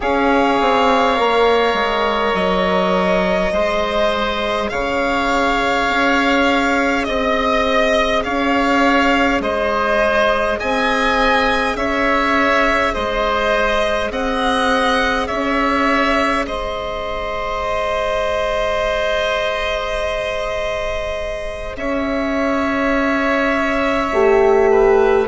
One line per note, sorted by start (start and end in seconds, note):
0.00 0.60 C#4
0.00 1.16 G#4
0.00 3.52 C#5
0.00 2.35 F5
0.60 1.19 C4
1.16 1.73 A#3
1.16 3.51 A#4
1.73 2.32 G#3
2.34 3.51 F#3
2.34 4.69 D#5
3.52 4.70 G#3
3.52 24.11 G#4
3.52 4.70 C5
4.69 5.88 C#3
4.69 7.06 C#5
4.69 7.04 F5
5.88 7.06 C#4
7.04 8.25 C4
7.04 8.22 D#5
7.04 8.24 D#5
8.23 9.39 C#4
8.23 9.42 C#5
8.23 9.41 F5
9.39 10.57 G#3
9.39 10.59 C5
9.39 10.59 D#5
10.59 11.75 C4
10.59 11.76 D#5
10.59 11.76 G#5
11.75 12.92 C#4
11.75 12.93 C#5
11.75 12.94 E5
12.93 14.10 G#3
12.93 14.11 C5
12.93 14.11 D#5
14.10 15.28 C4
14.10 15.27 D#5
14.10 15.27 F#5
15.27 16.47 C#4
15.27 16.44 C#5
15.27 16.45 E5
16.46 21.76 G#3
16.46 21.76 C5
16.46 21.76 D#5
21.76 24.11 C#4
21.76 24.70 C#5
21.76 25.27 E5
24.12 25.27 A3
24.12 25.27 G4
24.70 25.27 B4